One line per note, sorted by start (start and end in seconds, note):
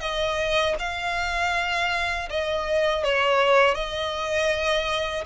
0.00 0.75 D#5
0.78 2.28 F5
2.29 3.03 D#5
3.03 3.74 C#5
3.74 5.24 D#5